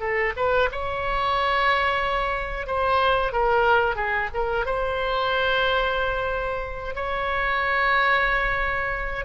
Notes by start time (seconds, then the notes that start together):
0.00 A4
0.37 B4
0.72 C#5
2.67 C5
3.32 A#4
3.96 G#4
4.34 A#4
4.66 C5
6.95 C#5